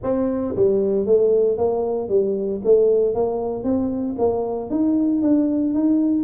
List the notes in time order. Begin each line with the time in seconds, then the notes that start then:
0.03 C4
0.55 G3
1.06 A3
1.57 A#3
2.08 G3
2.64 A3
3.14 A#3
3.63 C4
4.18 A#3
4.70 D#4
5.22 D4
5.73 D#4